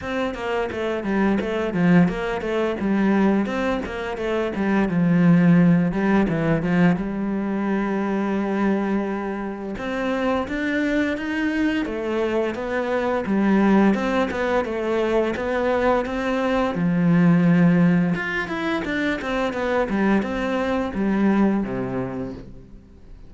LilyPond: \new Staff \with { instrumentName = "cello" } { \time 4/4 \tempo 4 = 86 c'8 ais8 a8 g8 a8 f8 ais8 a8 | g4 c'8 ais8 a8 g8 f4~ | f8 g8 e8 f8 g2~ | g2 c'4 d'4 |
dis'4 a4 b4 g4 | c'8 b8 a4 b4 c'4 | f2 f'8 e'8 d'8 c'8 | b8 g8 c'4 g4 c4 | }